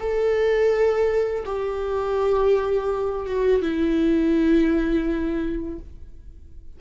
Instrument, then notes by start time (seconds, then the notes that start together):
viola
0.00 A4
1.46 G4
3.26 F#4
3.62 E4